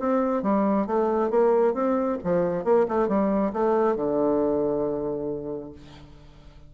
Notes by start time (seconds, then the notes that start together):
0.00 C4
0.43 G3
0.87 A3
1.31 A#3
1.74 C4
2.24 F3
2.65 A#3
2.89 A3
3.08 G3
3.54 A3
3.96 D3